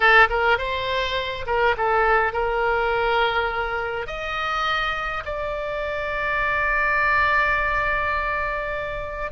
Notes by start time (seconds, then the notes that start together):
0.00 A4
0.29 A#4
0.58 C5
1.46 A#4
1.77 A4
2.32 A#4
4.06 D#5
5.25 D5